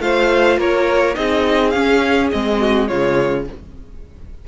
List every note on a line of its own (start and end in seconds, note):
0.00 0.58 A3
0.00 1.15 F4
0.00 0.59 C5
0.00 0.59 F5
0.58 1.16 A#3
0.58 1.17 A#4
0.58 1.15 C#5
1.15 1.74 C4
1.15 1.72 D#4
1.15 2.60 G#4
1.15 1.71 D#5
1.71 2.32 C#4
1.71 2.28 F5
2.31 2.90 G#3
2.31 2.88 C4
2.31 2.88 D#5
2.60 2.89 F#4
2.88 3.48 C#3
2.88 3.46 G#3
2.88 3.46 F4
2.88 3.46 C#5